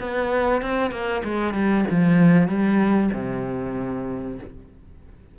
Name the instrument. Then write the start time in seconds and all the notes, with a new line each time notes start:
cello
0.00 B3
0.62 C4
0.91 A#3
1.24 G#3
1.55 G3
1.91 F3
2.48 G3
3.14 C3